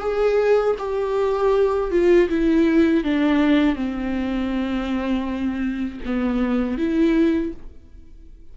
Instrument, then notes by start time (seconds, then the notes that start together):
viola
0.00 G#4
0.78 G4
1.91 F4
2.29 E4
3.03 D4
3.75 C4
6.05 B3
6.77 E4